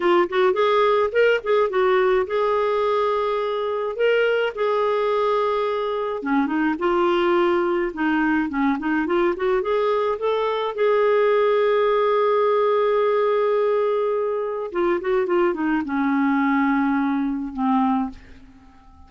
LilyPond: \new Staff \with { instrumentName = "clarinet" } { \time 4/4 \tempo 4 = 106 f'8 fis'8 gis'4 ais'8 gis'8 fis'4 | gis'2. ais'4 | gis'2. cis'8 dis'8 | f'2 dis'4 cis'8 dis'8 |
f'8 fis'8 gis'4 a'4 gis'4~ | gis'1~ | gis'2 f'8 fis'8 f'8 dis'8 | cis'2. c'4 | }